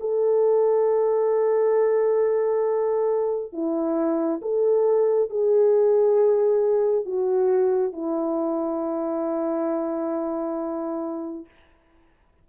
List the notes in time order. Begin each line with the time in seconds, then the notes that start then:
0.00 A4
3.53 E4
4.42 A4
5.30 G#4
7.06 F#4
7.93 E4